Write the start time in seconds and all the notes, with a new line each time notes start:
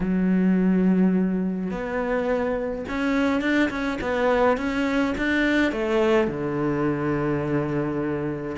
0.00 F#3
1.71 B3
2.88 C#4
3.41 D4
3.69 C#4
4.01 B3
4.57 C#4
5.17 D4
5.72 A3
6.27 D3